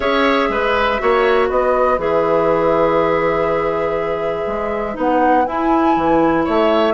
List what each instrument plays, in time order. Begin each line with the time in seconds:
0.00 bassoon C#4, clarinet G#4, oboe C#5, flute E5
0.49 bassoon G#3, oboe B4
0.98 bassoon A#3, clarinet F#4, oboe C#5
1.48 bassoon B3, oboe B4, flute D#5
1.98 bassoon E3, clarinet G#4, flute E5
4.46 bassoon G#3
4.94 bassoon B3, clarinet D#4, flute F#5
5.45 bassoon E4, clarinet E4, flute G#5
5.96 bassoon E3
6.44 bassoon A3, oboe C#5, flute E5